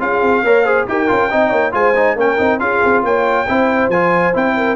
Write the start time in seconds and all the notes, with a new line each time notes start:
0.00 C#4 F4 G#4 F5
0.22 C4
0.43 A#3 A#4 C#5
0.65 G#4 C5
0.88 D#4 G4 A#4 G5
1.08 C#4 F4
1.31 C4 D#4 D#5
1.50 A#3 C#5
1.72 G#3 F4 C5 G#5
1.96 D#4
2.16 A#3 C#4 A#4 G5
2.38 C4 D#4
2.60 C#4 F4 G#4 F5
2.85 C4
3.04 A#3 C#5 G5
3.49 C4 E4 C5
3.89 F3 F4 G#5
4.34 C4 E4 G5
4.57 A#4